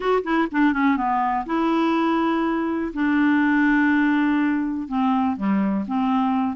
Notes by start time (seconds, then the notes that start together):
0.00 F#4
0.23 E4
0.51 D4
0.73 C#4
0.96 B3
1.46 E4
2.93 D4
4.88 C4
5.36 G3
5.87 C4